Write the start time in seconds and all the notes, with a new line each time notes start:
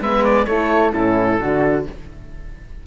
0.00 G#3 B3 B4 E5
0.24 D5
0.45 A3 E4 A4 C#5
0.92 A2 C#4 E4 A4
1.39 D3 D4 F#4